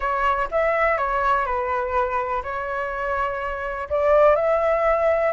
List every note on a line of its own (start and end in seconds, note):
0.00 0.48 C#5
0.51 0.97 E5
0.97 1.45 C#5
1.45 2.42 B4
2.43 3.88 C#5
3.89 4.35 D5
4.35 5.32 E5